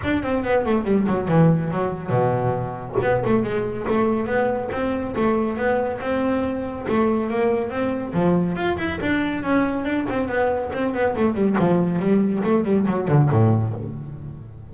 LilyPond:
\new Staff \with { instrumentName = "double bass" } { \time 4/4 \tempo 4 = 140 d'8 c'8 b8 a8 g8 fis8 e4 | fis4 b,2 b8 a8 | gis4 a4 b4 c'4 | a4 b4 c'2 |
a4 ais4 c'4 f4 | f'8 e'8 d'4 cis'4 d'8 c'8 | b4 c'8 b8 a8 g8 f4 | g4 a8 g8 fis8 d8 a,4 | }